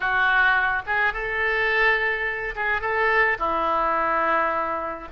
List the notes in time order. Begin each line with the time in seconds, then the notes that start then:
0.00 F#4
0.86 G#4
1.13 A4
2.55 G#4
2.81 A4
3.38 E4